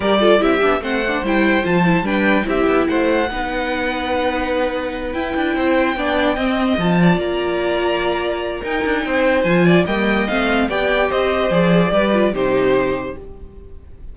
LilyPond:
<<
  \new Staff \with { instrumentName = "violin" } { \time 4/4 \tempo 4 = 146 d''4 e''4 fis''4 g''4 | a''4 g''4 e''4 fis''4~ | fis''1~ | fis''8 g''2.~ g''8~ |
g''8 a''4 ais''2~ ais''8~ | ais''4 g''2 gis''4 | g''4 f''4 g''4 dis''4 | d''2 c''2 | }
  \new Staff \with { instrumentName = "violin" } { \time 4/4 ais'8 a'8 g'4 c''2~ | c''4 b'4 g'4 c''4 | b'1~ | b'4. c''4 d''4 dis''8~ |
dis''4 d''2.~ | d''4 ais'4 c''4. d''8 | dis''2 d''4 c''4~ | c''4 b'4 g'2 | }
  \new Staff \with { instrumentName = "viola" } { \time 4/4 g'8 f'8 e'8 d'8 c'8 d'8 e'4 | f'8 e'8 d'4 e'2 | dis'1~ | dis'8 e'2 d'4 c'8~ |
c'8 f'2.~ f'8~ | f'4 dis'2 f'4 | ais4 c'4 g'2 | gis'4 g'8 f'8 dis'2 | }
  \new Staff \with { instrumentName = "cello" } { \time 4/4 g4 c'8 b8 a4 g4 | f4 g4 c'8 b8 a4 | b1~ | b8 e'8 d'8 c'4 b4 c'8~ |
c'8 f4 ais2~ ais8~ | ais4 dis'8 d'8 c'4 f4 | g4 a4 b4 c'4 | f4 g4 c2 | }
>>